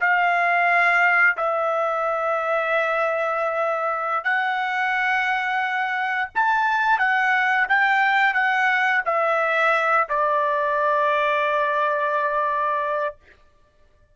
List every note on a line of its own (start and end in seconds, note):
0.00 1.36 F5
1.37 4.24 E5
4.24 6.29 F#5
6.34 6.98 A5
6.98 7.66 F#5
7.68 8.33 G5
8.33 9.02 F#5
9.05 10.07 E5
10.09 13.16 D5